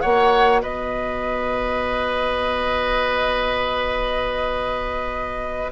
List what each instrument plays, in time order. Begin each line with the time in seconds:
0.00 bassoon A#3, clarinet F#4, oboe C#5, flute F#5
0.62 bassoon B3, oboe B4, flute D#5